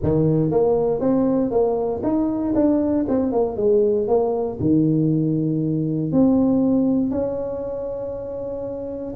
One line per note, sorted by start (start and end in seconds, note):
0.03 0.50 D#3
0.50 1.00 A#3
1.00 1.50 C4
1.50 2.01 A#3
2.03 2.54 D#4
2.54 3.05 D4
3.08 3.32 C4
3.32 3.56 A#3
3.56 4.07 G#3
4.07 4.58 A#3
4.60 6.12 D#3
6.12 7.10 C4
7.10 9.14 C#4